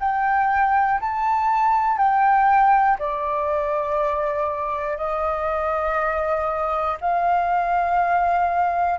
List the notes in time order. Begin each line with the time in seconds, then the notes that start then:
0.00 G5
1.01 A5
1.98 G5
2.99 D5
4.98 D#5
7.01 F5